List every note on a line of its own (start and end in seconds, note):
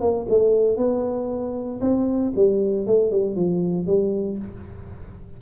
0.00 0.26 A#3
0.29 0.76 A3
0.76 1.80 B3
1.80 2.32 C4
2.35 2.86 G3
2.86 3.10 A3
3.10 3.35 G3
3.35 3.86 F3
3.86 4.38 G3